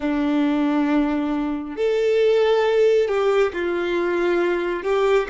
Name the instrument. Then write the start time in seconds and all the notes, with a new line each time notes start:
violin
0.00 D4
1.76 A4
3.08 G4
3.53 F4
4.83 G4